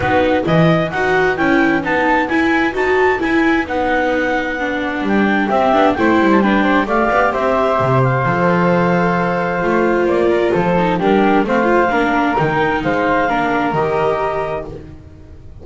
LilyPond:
<<
  \new Staff \with { instrumentName = "clarinet" } { \time 4/4 \tempo 4 = 131 b'4 dis''4 fis''4 g''4 | a''4 gis''4 a''4 gis''4 | fis''2. g''4 | e''4 g''8. a''16 g''4 f''4 |
e''4. f''2~ f''8~ | f''2 d''4 c''4 | ais'4 f''2 g''4 | f''2 dis''2 | }
  \new Staff \with { instrumentName = "flute" } { \time 4/4 fis'4 b'2.~ | b'1~ | b'1 | g'4 c''4 b'8 c''8 d''4 |
c''1~ | c''2~ c''8 ais'8 a'4 | g'4 c''4 ais'2 | c''4 ais'2. | }
  \new Staff \with { instrumentName = "viola" } { \time 4/4 dis'4 e'4 fis'4 e'4 | dis'4 e'4 fis'4 e'4 | dis'2 d'2 | c'8 d'8 e'4 d'4 g'4~ |
g'2 a'2~ | a'4 f'2~ f'8 dis'8 | d'4 c'8 f'8 d'4 dis'4~ | dis'4 d'4 g'2 | }
  \new Staff \with { instrumentName = "double bass" } { \time 4/4 b4 e4 dis'4 cis'4 | b4 e'4 dis'4 e'4 | b2. g4 | c'8 b8 a8 g4. a8 b8 |
c'4 c4 f2~ | f4 a4 ais4 f4 | g4 a4 ais4 dis4 | gis4 ais4 dis2 | }
>>